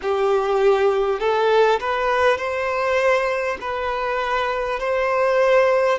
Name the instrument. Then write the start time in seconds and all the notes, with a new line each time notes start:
violin
0.02 G4
1.19 A4
1.80 B4
2.37 C5
3.60 B4
4.79 C5